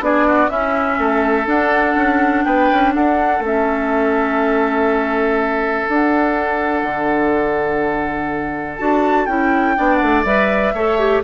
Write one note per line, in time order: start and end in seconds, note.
0.00 0.49 B3
0.00 0.49 D4
0.00 0.27 G#4
0.00 0.49 D5
0.27 0.50 F#4
0.49 1.46 C#4
0.49 0.98 C#4
0.49 0.99 E4
0.49 1.47 E5
0.99 1.46 A3
0.99 2.45 A4
1.46 1.95 D4
1.46 3.42 D4
1.46 2.44 F#5
1.96 2.44 C#4
2.44 2.70 B3
2.44 2.94 B4
2.44 2.93 G5
2.73 2.95 C#4
2.94 3.40 D4
2.94 9.77 A4
2.94 3.43 F#5
3.40 5.84 A3
3.40 5.87 C#4
3.40 5.89 E5
5.87 8.79 D4
5.87 6.83 D4
5.87 8.77 F#5
6.83 8.78 D3
8.77 9.27 D4
8.77 9.28 F#4
8.77 9.26 A5
9.26 9.76 C#4
9.26 9.76 E4
9.26 9.97 G5
9.76 10.02 B3
9.76 10.25 D4
9.76 10.74 D5
9.97 10.25 A3
9.97 10.21 F#5
10.25 10.73 G3
10.25 10.74 B4
10.25 11.23 E5
10.74 11.22 A3
10.74 10.99 A4
10.74 11.23 C#5
10.99 11.23 G4